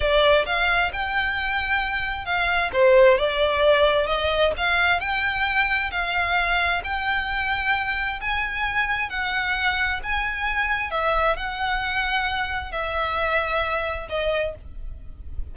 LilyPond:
\new Staff \with { instrumentName = "violin" } { \time 4/4 \tempo 4 = 132 d''4 f''4 g''2~ | g''4 f''4 c''4 d''4~ | d''4 dis''4 f''4 g''4~ | g''4 f''2 g''4~ |
g''2 gis''2 | fis''2 gis''2 | e''4 fis''2. | e''2. dis''4 | }